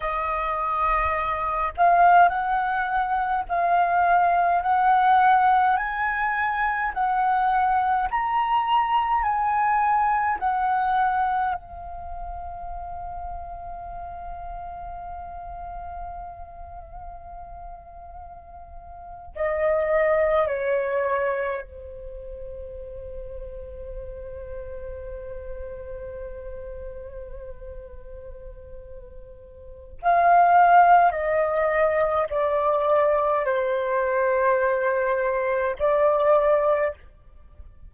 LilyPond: \new Staff \with { instrumentName = "flute" } { \time 4/4 \tempo 4 = 52 dis''4. f''8 fis''4 f''4 | fis''4 gis''4 fis''4 ais''4 | gis''4 fis''4 f''2~ | f''1~ |
f''8. dis''4 cis''4 c''4~ c''16~ | c''1~ | c''2 f''4 dis''4 | d''4 c''2 d''4 | }